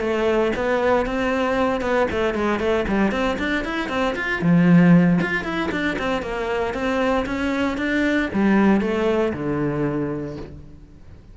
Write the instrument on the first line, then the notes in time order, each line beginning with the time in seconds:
cello
0.00 A3
0.55 B3
1.06 C4
1.81 B3
2.11 A3
2.34 G#3
2.59 A3
2.88 G3
3.11 C4
3.38 D4
3.64 E4
3.89 C4
4.16 F4
4.42 F3
5.21 F4
5.44 E4
5.71 D4
5.98 C4
6.22 A#3
6.74 C4
7.26 C#4
7.77 D4
8.33 G3
8.81 A3
9.33 D3